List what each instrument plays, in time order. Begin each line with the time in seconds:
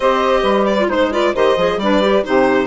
0.00 bassoon C4, clarinet G4, saxophone C5, violin D#5
0.41 bassoon G3, saxophone B4
0.65 violin D5
0.79 clarinet F4
0.89 bassoon G#3, clarinet D#4, saxophone C5, violin C5
1.11 clarinet F4, saxophone B4, violin D5
1.34 bassoon D#3, clarinet G4, saxophone C5, violin D#5
1.57 bassoon F3, clarinet G#4
1.77 bassoon G3, clarinet D4, saxophone B4, violin D5
2.01 clarinet G4
2.23 bassoon C3, clarinet D#4, saxophone G4, violin C5